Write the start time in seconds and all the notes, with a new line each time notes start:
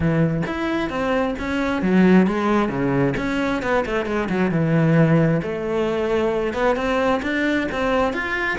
0.00 E3
0.46 E4
0.89 C4
1.38 C#4
1.82 F#3
2.26 G#3
2.68 C#3
3.17 C#4
3.62 B3
3.85 A3
4.05 G#3
4.29 F#3
4.51 E3
5.42 A3
6.53 B3
6.75 C4
7.22 D4
7.71 C4
8.13 F4